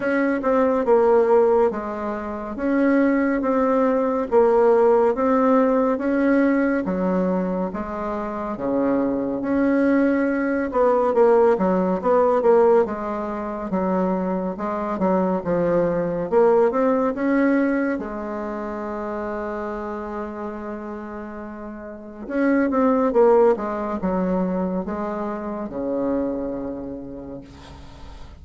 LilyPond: \new Staff \with { instrumentName = "bassoon" } { \time 4/4 \tempo 4 = 70 cis'8 c'8 ais4 gis4 cis'4 | c'4 ais4 c'4 cis'4 | fis4 gis4 cis4 cis'4~ | cis'8 b8 ais8 fis8 b8 ais8 gis4 |
fis4 gis8 fis8 f4 ais8 c'8 | cis'4 gis2.~ | gis2 cis'8 c'8 ais8 gis8 | fis4 gis4 cis2 | }